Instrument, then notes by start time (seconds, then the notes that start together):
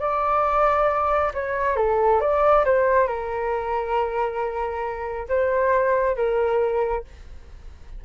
flute
0.00 D5
1.34 C#5
1.76 A4
2.21 D5
2.65 C5
3.07 A#4
5.29 C5
6.16 A#4